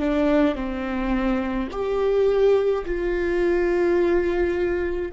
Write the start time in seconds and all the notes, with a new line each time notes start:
0.00 D4
0.55 C4
1.72 G4
2.86 F4